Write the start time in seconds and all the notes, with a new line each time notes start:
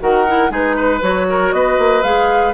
0.00 D#3 F#4 A#4 F#5
0.28 E4
0.50 G#3 D#4 G#4 B4
0.76 B4
1.02 F#3 F#4 C#5
1.29 A#4
1.52 B3 B4 D#5
1.78 A#3
2.03 G#3 G#4 F5